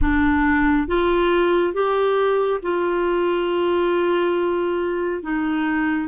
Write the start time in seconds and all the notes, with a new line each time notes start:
0.01 D4
0.87 F4
1.73 G4
2.62 F4
5.22 D#4